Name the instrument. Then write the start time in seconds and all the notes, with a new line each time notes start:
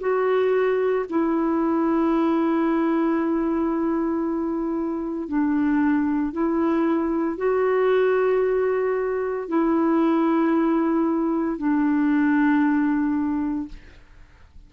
clarinet
0.00 F#4
1.10 E4
5.28 D4
6.33 E4
7.38 F#4
9.48 E4
11.58 D4